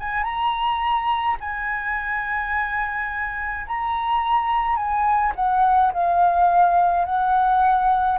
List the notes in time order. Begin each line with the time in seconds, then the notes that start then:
0.00 G#5
0.24 A#5
1.40 G#5
3.67 A#5
4.77 G#5
5.36 F#5
5.93 F5
7.05 F#5